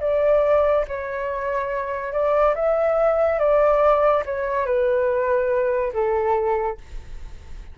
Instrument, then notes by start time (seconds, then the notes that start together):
flute
0.00 D5
0.87 C#5
2.12 D5
2.55 E5
3.39 D5
4.25 C#5
4.65 B4
5.93 A4